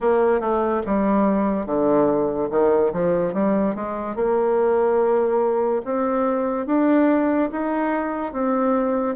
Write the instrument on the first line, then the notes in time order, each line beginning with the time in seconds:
bassoon
0.00 A#3
0.40 A3
0.86 G3
1.66 D3
2.50 D#3
2.92 F3
3.33 G3
3.75 G#3
4.15 A#3
5.84 C4
6.66 D4
7.52 D#4
8.33 C4